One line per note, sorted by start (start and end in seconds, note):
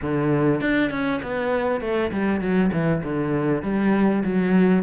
0.01 0.60 D3
0.60 0.90 D4
0.90 1.21 C#4
1.22 1.80 B3
1.80 2.11 A3
2.11 2.40 G3
2.40 2.71 F#3
2.72 3.02 E3
3.03 3.62 D3
3.62 4.23 G3
4.24 4.83 F#3